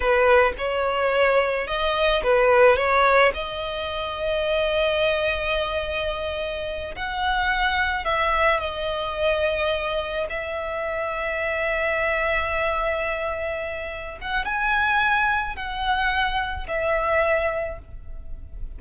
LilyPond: \new Staff \with { instrumentName = "violin" } { \time 4/4 \tempo 4 = 108 b'4 cis''2 dis''4 | b'4 cis''4 dis''2~ | dis''1~ | dis''8 fis''2 e''4 dis''8~ |
dis''2~ dis''8 e''4.~ | e''1~ | e''4. fis''8 gis''2 | fis''2 e''2 | }